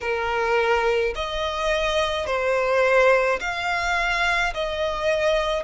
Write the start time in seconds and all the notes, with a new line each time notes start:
0.01 A#4
1.15 D#5
2.26 C5
3.40 F5
4.53 D#5